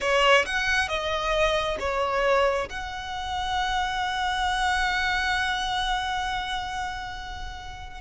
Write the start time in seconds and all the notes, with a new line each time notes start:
0.00 C#5
0.45 F#5
0.88 D#5
1.79 C#5
2.69 F#5